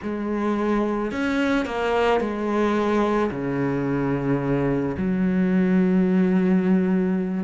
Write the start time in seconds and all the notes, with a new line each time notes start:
0.02 G#3
1.11 C#4
1.65 A#3
2.20 G#3
3.30 C#3
4.97 F#3